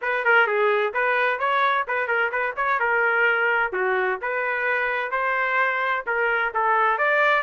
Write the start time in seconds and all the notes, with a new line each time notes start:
0.01 B4
0.24 A#4
0.46 G#4
0.93 B4
1.39 C#5
1.87 B4
2.07 A#4
2.31 B4
2.56 C#5
2.79 A#4
3.72 F#4
4.21 B4
5.11 C5
6.06 A#4
6.53 A4
6.98 D5